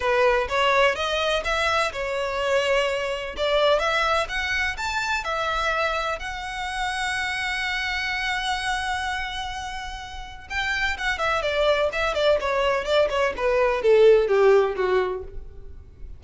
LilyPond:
\new Staff \with { instrumentName = "violin" } { \time 4/4 \tempo 4 = 126 b'4 cis''4 dis''4 e''4 | cis''2. d''4 | e''4 fis''4 a''4 e''4~ | e''4 fis''2.~ |
fis''1~ | fis''2 g''4 fis''8 e''8 | d''4 e''8 d''8 cis''4 d''8 cis''8 | b'4 a'4 g'4 fis'4 | }